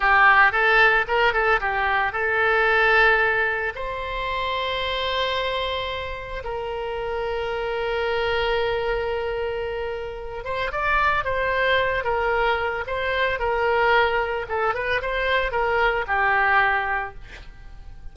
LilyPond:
\new Staff \with { instrumentName = "oboe" } { \time 4/4 \tempo 4 = 112 g'4 a'4 ais'8 a'8 g'4 | a'2. c''4~ | c''1 | ais'1~ |
ais'2.~ ais'8 c''8 | d''4 c''4. ais'4. | c''4 ais'2 a'8 b'8 | c''4 ais'4 g'2 | }